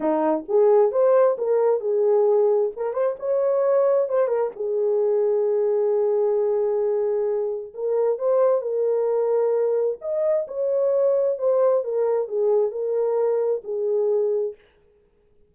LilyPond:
\new Staff \with { instrumentName = "horn" } { \time 4/4 \tempo 4 = 132 dis'4 gis'4 c''4 ais'4 | gis'2 ais'8 c''8 cis''4~ | cis''4 c''8 ais'8 gis'2~ | gis'1~ |
gis'4 ais'4 c''4 ais'4~ | ais'2 dis''4 cis''4~ | cis''4 c''4 ais'4 gis'4 | ais'2 gis'2 | }